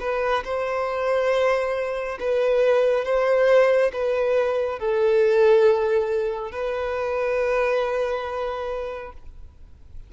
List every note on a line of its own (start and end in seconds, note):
0.00 0.43 B4
0.45 2.19 C5
2.20 3.05 B4
3.05 3.92 C5
3.93 4.79 B4
4.79 6.52 A4
6.52 9.13 B4